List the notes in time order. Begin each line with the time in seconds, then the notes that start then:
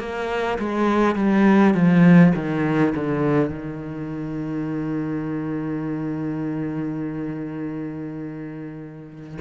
0.00 A#3
0.59 G#3
1.16 G3
1.74 F3
2.35 D#3
2.95 D3
3.50 D#3